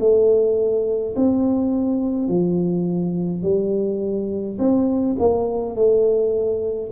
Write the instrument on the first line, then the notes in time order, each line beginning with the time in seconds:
tuba
0.00 A3
1.16 C4
2.28 F3
3.42 G3
4.59 C4
5.19 A#3
5.75 A3